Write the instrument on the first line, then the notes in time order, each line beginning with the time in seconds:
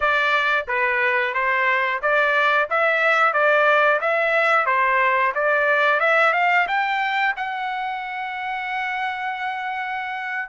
trumpet
0.00 D5
0.67 B4
1.34 C5
2.02 D5
2.70 E5
3.33 D5
4.00 E5
4.65 C5
5.35 D5
6.00 E5
6.33 F5
6.67 G5
7.36 F#5